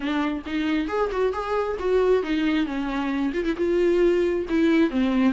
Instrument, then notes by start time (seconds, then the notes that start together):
viola
0.00 D4
0.45 D#4
0.88 G#4
1.11 F#4
1.33 G#4
1.79 F#4
2.22 D#4
2.66 C#4
3.33 F4
3.44 E4
3.57 F4
4.49 E4
4.90 C4